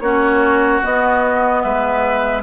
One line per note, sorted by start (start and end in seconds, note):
0.00 0.80 A#3
0.00 0.83 C#4
0.00 1.63 F#4
0.00 0.80 C#5
0.83 2.42 B3
0.83 1.64 B3
0.83 1.62 D#5
1.62 2.42 G#3
1.62 2.42 B4
1.62 2.42 E5